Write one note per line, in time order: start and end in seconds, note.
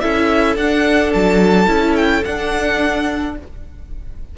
0.00 0.56 C#4
0.00 0.56 E4
0.00 3.35 A4
0.00 0.56 E5
0.56 1.11 D4
0.56 1.67 D4
0.56 1.12 F#5
1.13 1.67 F#3
1.13 1.96 A5
1.67 2.23 C#4
1.67 2.22 E4
1.96 2.23 G5
2.24 3.37 D4
2.24 3.35 F#5